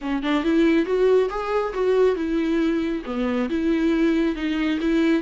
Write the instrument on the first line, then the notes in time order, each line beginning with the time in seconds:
viola
0.01 C#4
0.22 D4
0.43 E4
0.85 F#4
1.29 G#4
1.73 F#4
2.15 E4
3.05 B3
3.49 E4
4.35 D#4
4.80 E4